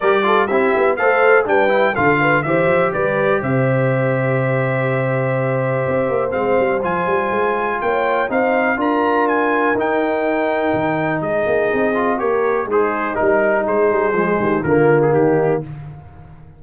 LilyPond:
<<
  \new Staff \with { instrumentName = "trumpet" } { \time 4/4 \tempo 4 = 123 d''4 e''4 f''4 g''4 | f''4 e''4 d''4 e''4~ | e''1~ | e''4 f''4 gis''2 |
g''4 f''4 ais''4 gis''4 | g''2. dis''4~ | dis''4 cis''4 c''4 ais'4 | c''2 ais'8. gis'16 g'4 | }
  \new Staff \with { instrumentName = "horn" } { \time 4/4 ais'8 a'8 g'4 c''4 b'4 | a'8 b'8 c''4 b'4 c''4~ | c''1~ | c''1 |
cis''4 c''4 ais'2~ | ais'2. gis'4~ | gis'4 ais'4 dis'2 | gis'4. g'8 f'4 dis'4 | }
  \new Staff \with { instrumentName = "trombone" } { \time 4/4 g'8 f'8 e'4 a'4 d'8 e'8 | f'4 g'2.~ | g'1~ | g'4 c'4 f'2~ |
f'4 dis'4 f'2 | dis'1~ | dis'8 f'8 g'4 gis'4 dis'4~ | dis'4 gis4 ais2 | }
  \new Staff \with { instrumentName = "tuba" } { \time 4/4 g4 c'8 b8 a4 g4 | d4 e8 f8 g4 c4~ | c1 | c'8 ais8 gis8 g8 f8 g8 gis4 |
ais4 c'4 d'2 | dis'2 dis4 gis8 ais8 | c'4 ais4 gis4 g4 | gis8 g8 f8 dis8 d4 dis4 | }
>>